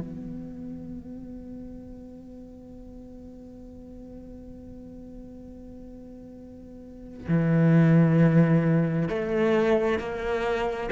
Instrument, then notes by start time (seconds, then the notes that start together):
cello
0.00 B3
7.29 E3
9.09 A3
9.99 A#3